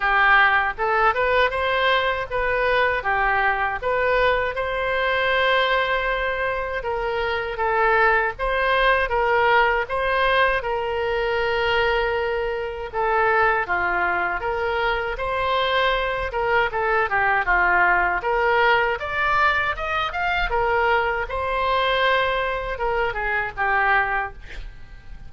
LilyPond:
\new Staff \with { instrumentName = "oboe" } { \time 4/4 \tempo 4 = 79 g'4 a'8 b'8 c''4 b'4 | g'4 b'4 c''2~ | c''4 ais'4 a'4 c''4 | ais'4 c''4 ais'2~ |
ais'4 a'4 f'4 ais'4 | c''4. ais'8 a'8 g'8 f'4 | ais'4 d''4 dis''8 f''8 ais'4 | c''2 ais'8 gis'8 g'4 | }